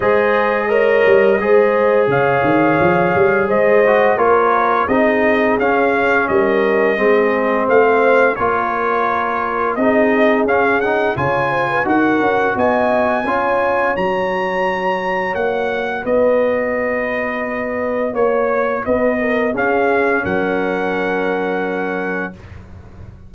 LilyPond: <<
  \new Staff \with { instrumentName = "trumpet" } { \time 4/4 \tempo 4 = 86 dis''2. f''4~ | f''4 dis''4 cis''4 dis''4 | f''4 dis''2 f''4 | cis''2 dis''4 f''8 fis''8 |
gis''4 fis''4 gis''2 | ais''2 fis''4 dis''4~ | dis''2 cis''4 dis''4 | f''4 fis''2. | }
  \new Staff \with { instrumentName = "horn" } { \time 4/4 c''4 cis''4 c''4 cis''4~ | cis''4 c''4 ais'4 gis'4~ | gis'4 ais'4 gis'4 c''4 | ais'2 gis'2 |
cis''8 c''16 b'16 ais'4 dis''4 cis''4~ | cis''2. b'4~ | b'2 cis''4 b'8 ais'8 | gis'4 ais'2. | }
  \new Staff \with { instrumentName = "trombone" } { \time 4/4 gis'4 ais'4 gis'2~ | gis'4. fis'8 f'4 dis'4 | cis'2 c'2 | f'2 dis'4 cis'8 dis'8 |
f'4 fis'2 f'4 | fis'1~ | fis'1 | cis'1 | }
  \new Staff \with { instrumentName = "tuba" } { \time 4/4 gis4. g8 gis4 cis8 dis8 | f8 g8 gis4 ais4 c'4 | cis'4 g4 gis4 a4 | ais2 c'4 cis'4 |
cis4 dis'8 cis'8 b4 cis'4 | fis2 ais4 b4~ | b2 ais4 b4 | cis'4 fis2. | }
>>